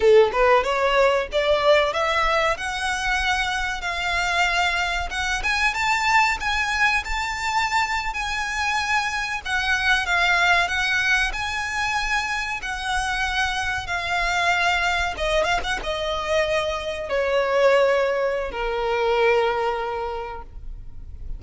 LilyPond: \new Staff \with { instrumentName = "violin" } { \time 4/4 \tempo 4 = 94 a'8 b'8 cis''4 d''4 e''4 | fis''2 f''2 | fis''8 gis''8 a''4 gis''4 a''4~ | a''8. gis''2 fis''4 f''16~ |
f''8. fis''4 gis''2 fis''16~ | fis''4.~ fis''16 f''2 dis''16~ | dis''16 f''16 fis''16 dis''2 cis''4~ cis''16~ | cis''4 ais'2. | }